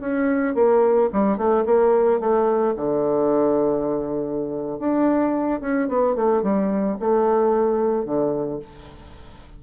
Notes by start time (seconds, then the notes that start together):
0.00 C#4
0.55 A#3
1.13 G3
1.37 A3
1.65 A#3
2.19 A3
2.76 D3
4.79 D4
5.61 C#4
5.88 B3
6.15 A3
6.42 G3
6.99 A3
8.05 D3